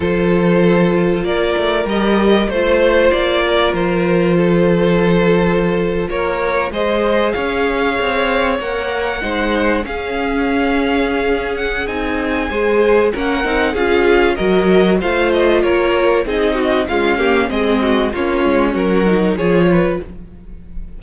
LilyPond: <<
  \new Staff \with { instrumentName = "violin" } { \time 4/4 \tempo 4 = 96 c''2 d''4 dis''4 | c''4 d''4 c''2~ | c''4.~ c''16 cis''4 dis''4 f''16~ | f''4.~ f''16 fis''2 f''16~ |
f''2~ f''8 fis''8 gis''4~ | gis''4 fis''4 f''4 dis''4 | f''8 dis''8 cis''4 dis''4 f''4 | dis''4 cis''4 ais'4 cis''4 | }
  \new Staff \with { instrumentName = "violin" } { \time 4/4 a'2 ais'2 | c''4. ais'4. a'4~ | a'4.~ a'16 ais'4 c''4 cis''16~ | cis''2~ cis''8. c''4 gis'16~ |
gis'1 | c''4 ais'4 gis'4 ais'4 | c''4 ais'4 gis'8 fis'8 f'8 g'8 | gis'8 fis'8 f'4 fis'4 gis'8 b'8 | }
  \new Staff \with { instrumentName = "viola" } { \time 4/4 f'2. g'4 | f'1~ | f'2~ f'8. gis'4~ gis'16~ | gis'4.~ gis'16 ais'4 dis'4 cis'16~ |
cis'2. dis'4 | gis'4 cis'8 dis'8 f'4 fis'4 | f'2 dis'4 gis8 ais8 | c'4 cis'4. dis'8 f'4 | }
  \new Staff \with { instrumentName = "cello" } { \time 4/4 f2 ais8 a8 g4 | a4 ais4 f2~ | f4.~ f16 ais4 gis4 cis'16~ | cis'8. c'4 ais4 gis4 cis'16~ |
cis'2. c'4 | gis4 ais8 c'8 cis'4 fis4 | a4 ais4 c'4 cis'4 | gis4 ais8 gis8 fis4 f4 | }
>>